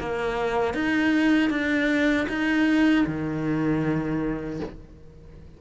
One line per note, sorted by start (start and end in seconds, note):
0.00 0.74 A#3
0.74 1.50 D#4
1.50 2.27 D4
2.29 3.06 D#4
3.06 4.60 D#3